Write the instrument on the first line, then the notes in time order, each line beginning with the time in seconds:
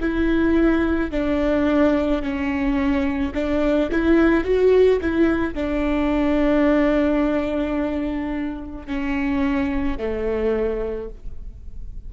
viola
0.00 E4
1.11 D4
2.22 C#4
3.34 D4
3.91 E4
4.44 F#4
5.01 E4
5.54 D4
8.87 C#4
9.98 A3